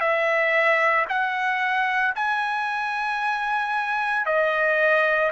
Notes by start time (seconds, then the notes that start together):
0.00 E5
1.09 F#5
2.15 G#5
4.25 D#5